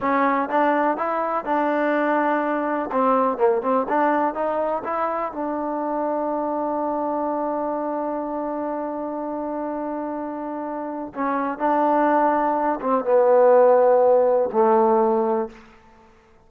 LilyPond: \new Staff \with { instrumentName = "trombone" } { \time 4/4 \tempo 4 = 124 cis'4 d'4 e'4 d'4~ | d'2 c'4 ais8 c'8 | d'4 dis'4 e'4 d'4~ | d'1~ |
d'1~ | d'2. cis'4 | d'2~ d'8 c'8 b4~ | b2 a2 | }